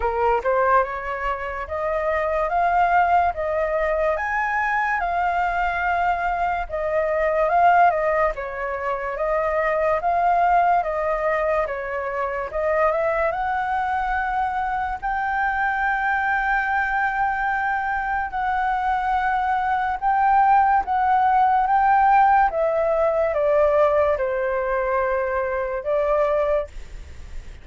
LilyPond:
\new Staff \with { instrumentName = "flute" } { \time 4/4 \tempo 4 = 72 ais'8 c''8 cis''4 dis''4 f''4 | dis''4 gis''4 f''2 | dis''4 f''8 dis''8 cis''4 dis''4 | f''4 dis''4 cis''4 dis''8 e''8 |
fis''2 g''2~ | g''2 fis''2 | g''4 fis''4 g''4 e''4 | d''4 c''2 d''4 | }